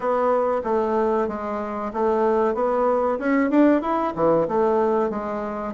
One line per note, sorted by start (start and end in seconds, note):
0.00 0.61 B3
0.64 1.28 A3
1.28 1.91 G#3
1.93 2.54 A3
2.54 3.18 B3
3.19 3.50 C#4
3.50 3.81 D4
3.81 4.13 E4
4.15 4.47 E3
4.48 5.09 A3
5.09 5.73 G#3